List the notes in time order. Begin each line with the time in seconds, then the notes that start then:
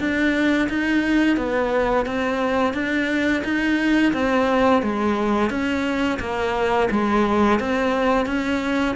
0.00 D4
0.70 D#4
1.38 B3
2.07 C4
2.74 D4
3.45 D#4
4.14 C4
4.83 G#3
5.50 C#4
6.20 A#3
6.91 G#3
7.60 C4
8.27 C#4